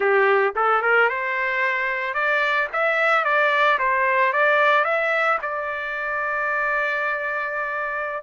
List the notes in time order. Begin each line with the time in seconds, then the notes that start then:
0.00 G4
0.55 A4
0.82 A#4
1.09 C5
2.14 D5
2.72 E5
3.24 D5
3.78 C5
4.32 D5
4.84 E5
5.42 D5